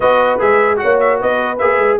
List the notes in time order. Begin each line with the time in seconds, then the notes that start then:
0.00 B3 F#4 B4 D#5
0.39 G#3 G#4 E5
0.77 F#4 C#5 F#5
0.84 A#3
1.00 E5
1.19 B3 B4 D#5
1.58 A#3 G#4 E5
1.78 G#3